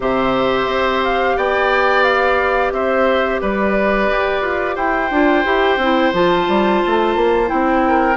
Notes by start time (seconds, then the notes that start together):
0.00 C3 G4 C5 E5
0.66 C4
1.03 F5
1.36 B3 D5 G5
2.03 F5
2.71 C4 C5 E5
3.41 G3 B4 D5
4.11 G4
4.41 F4
4.75 E4 C5 G5
5.10 D4 F4
5.44 E4 G4
5.77 C4 E4
6.12 F3 F4 A5
6.48 G3
6.86 A3
7.15 A#3
7.46 C4 E4 G5
7.87 A#4